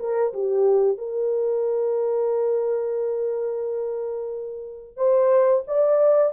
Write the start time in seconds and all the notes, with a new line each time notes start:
0.00 A#4
0.34 G4
0.98 A#4
4.97 C5
5.68 D5